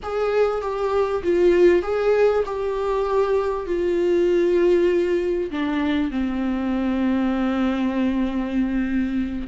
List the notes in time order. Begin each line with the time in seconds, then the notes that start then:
0.03 G#4
0.61 G4
1.23 F4
1.82 G#4
2.45 G4
3.66 F4
5.50 D4
6.11 C4